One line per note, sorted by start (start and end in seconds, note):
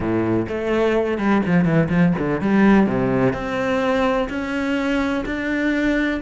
0.00 0.46 A2
0.48 1.18 A3
1.18 1.42 G3
1.46 1.64 F3
1.64 1.88 E3
1.89 2.13 F3
2.18 2.40 D3
2.40 2.86 G3
2.86 3.33 C3
3.33 4.28 C4
4.29 5.24 C#4
5.25 6.20 D4